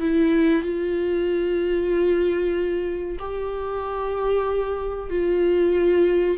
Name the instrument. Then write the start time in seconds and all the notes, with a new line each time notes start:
viola
0.00 E4
0.63 F4
3.19 G4
5.10 F4